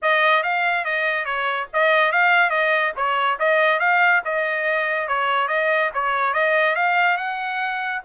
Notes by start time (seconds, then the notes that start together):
0.01 D#5
0.43 F5
0.84 D#5
1.25 C#5
1.73 D#5
2.11 F5
2.50 D#5
2.96 C#5
3.39 D#5
3.79 F5
4.24 D#5
5.08 C#5
5.48 D#5
5.94 C#5
6.33 D#5
6.75 F5
7.17 F#5